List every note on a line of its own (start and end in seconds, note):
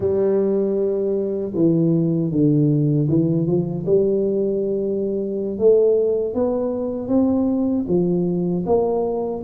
0.00 1.52 G3
1.54 2.31 E3
2.31 3.08 D3
3.08 3.47 E3
3.47 3.85 F3
3.85 5.58 G3
5.58 6.34 A3
6.34 7.08 B3
7.08 7.85 C4
7.87 8.64 F3
8.65 9.42 A#3